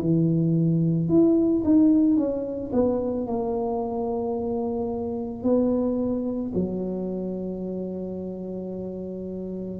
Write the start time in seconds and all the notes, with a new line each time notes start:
0.00 E3
1.09 E4
1.64 D#4
2.16 C#4
2.72 B3
3.27 A#3
5.42 B3
6.54 F#3